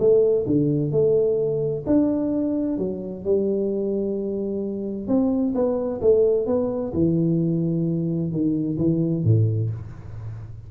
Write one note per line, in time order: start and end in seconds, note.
0.00 0.46 A3
0.47 0.92 D3
0.92 1.84 A3
1.87 2.79 D4
2.79 3.25 F#3
3.25 5.08 G3
5.08 5.54 C4
5.55 6.01 B3
6.02 6.47 A3
6.47 6.93 B3
6.94 8.32 E3
8.32 8.78 D#3
8.78 9.25 E3
9.25 9.71 A2